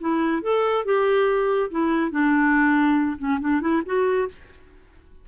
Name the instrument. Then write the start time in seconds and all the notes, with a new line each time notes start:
clarinet
0.00 E4
0.42 A4
0.85 G4
1.70 E4
2.11 D4
3.18 C#4
3.40 D4
3.61 E4
3.85 F#4